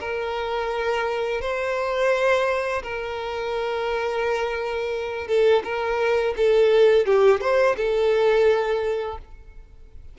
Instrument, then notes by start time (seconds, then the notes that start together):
violin
0.00 A#4
1.41 C5
2.83 A#4
5.27 A4
5.64 A#4
6.37 A4
7.06 G4
7.41 C5
7.77 A4